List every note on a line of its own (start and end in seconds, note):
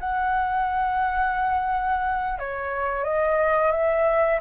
0.00 2.39 F#5
2.39 3.04 C#5
3.04 3.72 D#5
3.72 4.40 E5